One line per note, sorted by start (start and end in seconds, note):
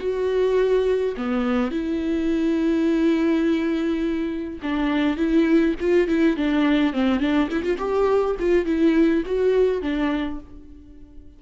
0.00 1.15 F#4
1.17 1.72 B3
1.72 4.60 E4
4.63 5.18 D4
5.18 5.75 E4
5.81 6.08 F4
6.08 6.37 E4
6.37 6.94 D4
6.94 7.20 C4
7.20 7.49 D4
7.51 7.64 E4
7.64 7.78 F4
7.79 8.36 G4
8.40 8.66 F4
8.66 9.24 E4
9.26 9.82 F#4
9.82 10.40 D4